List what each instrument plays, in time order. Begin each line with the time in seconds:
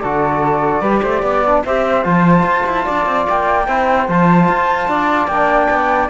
0.00 cello D3, trombone F#4, flute A4 D5
0.82 cello G3, trombone G4, flute B4
1.03 cello A3, flute C5
1.22 cello B3, flute D5
1.46 trombone D4
1.65 cello C4, trombone G4, flute C5 E5
2.03 cello F3, trombone F4, flute A5
2.43 cello F4
2.66 cello E4
2.85 cello D4, flute D5
3.06 cello C4
3.29 cello A#3, flute G5
3.67 cello C4, trombone E4, flute C5
4.08 cello F3, trombone F4, flute A5
4.49 cello F4
4.88 cello D4, flute D5
5.28 cello A#3, trombone D4, flute G5
5.70 cello B3